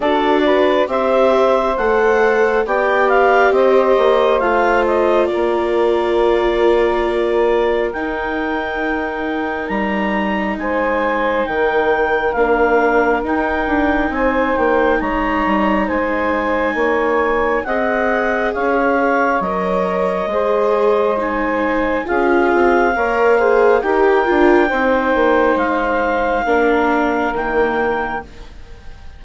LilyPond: <<
  \new Staff \with { instrumentName = "clarinet" } { \time 4/4 \tempo 4 = 68 d''4 e''4 fis''4 g''8 f''8 | dis''4 f''8 dis''8 d''2~ | d''4 g''2 ais''4 | gis''4 g''4 f''4 g''4 |
gis''8 g''8 ais''4 gis''2 | fis''4 f''4 dis''2 | gis''4 f''2 g''4~ | g''4 f''2 g''4 | }
  \new Staff \with { instrumentName = "saxophone" } { \time 4/4 a'8 b'8 c''2 d''4 | c''2 ais'2~ | ais'1 | c''4 ais'2. |
c''4 cis''4 c''4 cis''4 | dis''4 cis''2 c''4~ | c''4 gis'4 cis''8 c''8 ais'4 | c''2 ais'2 | }
  \new Staff \with { instrumentName = "viola" } { \time 4/4 fis'4 g'4 a'4 g'4~ | g'4 f'2.~ | f'4 dis'2.~ | dis'2 d'4 dis'4~ |
dis'1 | gis'2 ais'4 gis'4 | dis'4 f'4 ais'8 gis'8 g'8 f'8 | dis'2 d'4 ais4 | }
  \new Staff \with { instrumentName = "bassoon" } { \time 4/4 d'4 c'4 a4 b4 | c'8 ais8 a4 ais2~ | ais4 dis'2 g4 | gis4 dis4 ais4 dis'8 d'8 |
c'8 ais8 gis8 g8 gis4 ais4 | c'4 cis'4 fis4 gis4~ | gis4 cis'8 c'8 ais4 dis'8 d'8 | c'8 ais8 gis4 ais4 dis4 | }
>>